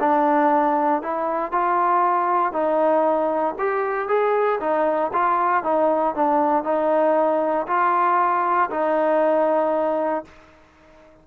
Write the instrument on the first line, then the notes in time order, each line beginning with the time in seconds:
trombone
0.00 D4
1.02 E4
1.52 F4
2.53 D#4
3.59 G4
4.09 G#4
4.61 D#4
5.13 F4
5.64 D#4
6.15 D4
6.64 D#4
7.67 F4
8.71 D#4